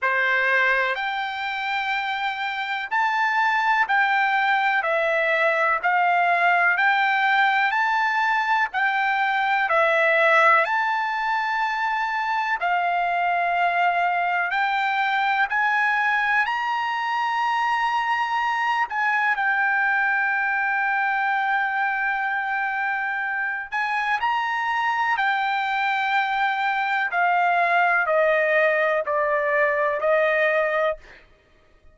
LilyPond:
\new Staff \with { instrumentName = "trumpet" } { \time 4/4 \tempo 4 = 62 c''4 g''2 a''4 | g''4 e''4 f''4 g''4 | a''4 g''4 e''4 a''4~ | a''4 f''2 g''4 |
gis''4 ais''2~ ais''8 gis''8 | g''1~ | g''8 gis''8 ais''4 g''2 | f''4 dis''4 d''4 dis''4 | }